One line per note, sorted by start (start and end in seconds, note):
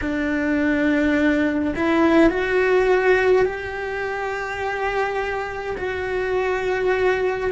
0.01 1.74 D4
1.75 2.29 E4
2.29 3.45 F#4
3.45 5.76 G4
5.77 7.50 F#4